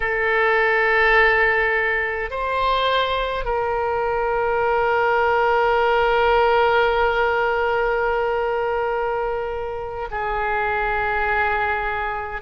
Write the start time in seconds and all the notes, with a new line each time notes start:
0.00 A4
2.30 C5
3.45 A#4
10.11 G#4